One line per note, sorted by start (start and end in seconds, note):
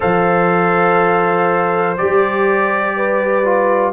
0.00 2.00 F3
0.00 1.96 A4
0.00 2.95 C5
0.00 1.97 F5
1.97 3.92 G3
1.97 3.44 G4
1.97 3.92 D5
2.96 3.92 B4
3.44 3.92 F4